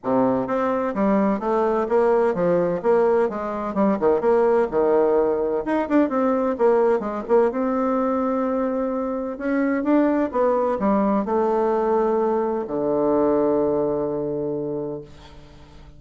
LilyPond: \new Staff \with { instrumentName = "bassoon" } { \time 4/4 \tempo 4 = 128 c4 c'4 g4 a4 | ais4 f4 ais4 gis4 | g8 dis8 ais4 dis2 | dis'8 d'8 c'4 ais4 gis8 ais8 |
c'1 | cis'4 d'4 b4 g4 | a2. d4~ | d1 | }